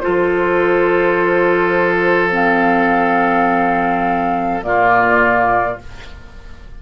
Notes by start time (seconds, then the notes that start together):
0.00 F4 A4 C5
0.06 F3
2.31 C4 F5
4.62 A#2 A#3 F4 D5